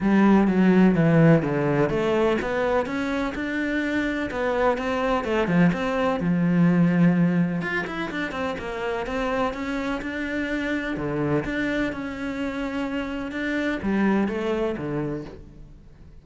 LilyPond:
\new Staff \with { instrumentName = "cello" } { \time 4/4 \tempo 4 = 126 g4 fis4 e4 d4 | a4 b4 cis'4 d'4~ | d'4 b4 c'4 a8 f8 | c'4 f2. |
f'8 e'8 d'8 c'8 ais4 c'4 | cis'4 d'2 d4 | d'4 cis'2. | d'4 g4 a4 d4 | }